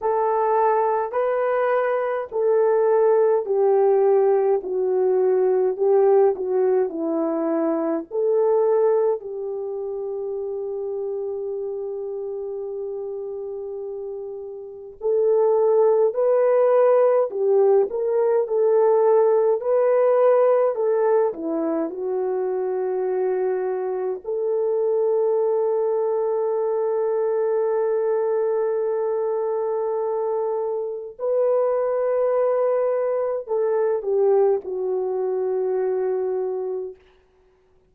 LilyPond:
\new Staff \with { instrumentName = "horn" } { \time 4/4 \tempo 4 = 52 a'4 b'4 a'4 g'4 | fis'4 g'8 fis'8 e'4 a'4 | g'1~ | g'4 a'4 b'4 g'8 ais'8 |
a'4 b'4 a'8 e'8 fis'4~ | fis'4 a'2.~ | a'2. b'4~ | b'4 a'8 g'8 fis'2 | }